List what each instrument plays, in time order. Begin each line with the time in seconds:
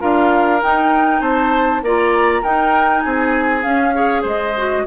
0.00 bassoon D4, clarinet F4, oboe A#4, flute F5
0.61 clarinet D#4, bassoon D#4, flute G5
1.21 bassoon C4, oboe C5, flute A5
1.82 bassoon A#3, clarinet F4, oboe D5, flute A#5
2.43 bassoon D#4, clarinet D#4, oboe A#4, flute G5
3.01 bassoon C4, oboe G#4, flute G#5
3.62 clarinet C#4, bassoon C#4, flute F5
3.94 clarinet G#4, oboe C#5
4.22 bassoon G#3, oboe C5, flute D#5
4.57 clarinet F#4